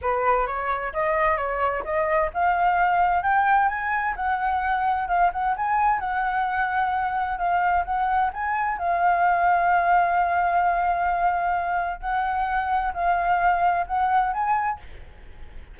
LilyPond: \new Staff \with { instrumentName = "flute" } { \time 4/4 \tempo 4 = 130 b'4 cis''4 dis''4 cis''4 | dis''4 f''2 g''4 | gis''4 fis''2 f''8 fis''8 | gis''4 fis''2. |
f''4 fis''4 gis''4 f''4~ | f''1~ | f''2 fis''2 | f''2 fis''4 gis''4 | }